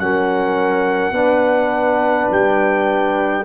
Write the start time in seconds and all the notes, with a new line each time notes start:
0.00 F#3 C#4 A#4 F#5
1.12 B3 D4 B4
2.31 G3 G5